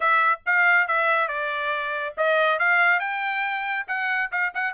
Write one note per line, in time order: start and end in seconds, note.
0.00 0.40 E5
0.45 0.87 F5
0.87 1.28 E5
1.28 2.14 D5
2.17 2.59 D#5
2.59 2.99 F5
2.99 3.86 G5
3.87 4.30 F#5
4.31 4.53 F5
4.54 4.73 F#5